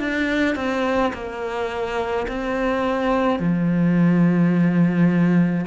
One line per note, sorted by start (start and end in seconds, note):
0.00 0.56 D4
0.56 1.13 C4
1.14 2.27 A#3
2.28 3.40 C4
3.40 5.66 F3